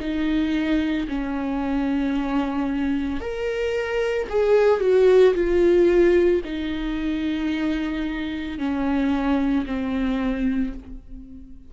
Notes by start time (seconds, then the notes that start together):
0.00 D#4
1.08 C#4
3.20 A#4
4.29 G#4
4.81 F#4
5.34 F4
6.44 D#4
8.58 C#4
9.66 C4